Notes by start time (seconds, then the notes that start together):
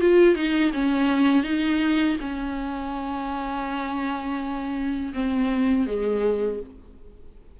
0.00 F4
0.35 D#4
0.73 C#4
1.43 D#4
2.20 C#4
5.14 C4
5.86 G#3